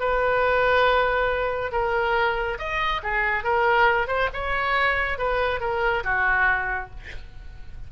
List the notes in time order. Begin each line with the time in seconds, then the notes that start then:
0.00 B4
1.72 A#4
2.58 D#5
3.03 G#4
3.44 A#4
4.07 C5
4.33 C#5
5.18 B4
5.60 A#4
6.04 F#4